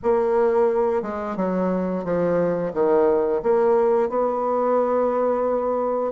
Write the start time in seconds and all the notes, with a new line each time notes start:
0.02 A#3
1.02 G#3
1.36 F#3
2.04 F3
2.73 D#3
3.42 A#3
4.09 B3